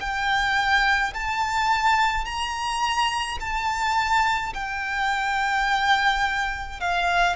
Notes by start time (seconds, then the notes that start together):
0.00 G5
1.14 A5
2.25 A#5
3.40 A5
4.54 G5
6.80 F5